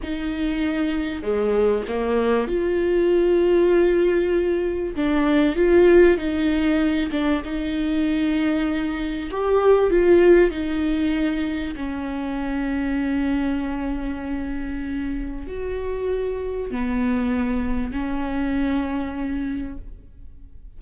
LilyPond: \new Staff \with { instrumentName = "viola" } { \time 4/4 \tempo 4 = 97 dis'2 gis4 ais4 | f'1 | d'4 f'4 dis'4. d'8 | dis'2. g'4 |
f'4 dis'2 cis'4~ | cis'1~ | cis'4 fis'2 b4~ | b4 cis'2. | }